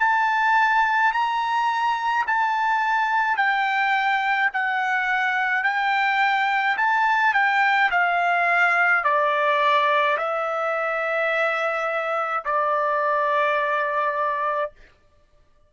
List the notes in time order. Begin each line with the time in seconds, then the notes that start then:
0.00 A5
1.13 A#5
2.27 A5
3.37 G5
4.53 F#5
5.63 G5
6.77 A5
7.34 G5
7.91 F5
9.04 D5
10.18 E5
12.45 D5